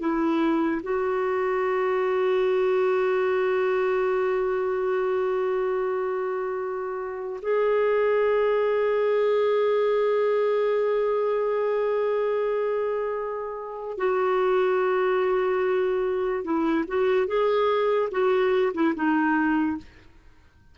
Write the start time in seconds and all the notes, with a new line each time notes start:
0.00 E4
0.83 F#4
7.42 G#4
13.98 F#4
16.44 E4
16.88 F#4
17.28 G#4
18.12 F#4
18.74 E4
18.96 D#4